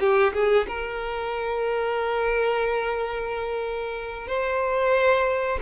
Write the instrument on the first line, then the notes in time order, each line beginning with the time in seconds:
violin
0.00 G4
0.34 G#4
0.68 A#4
4.27 C5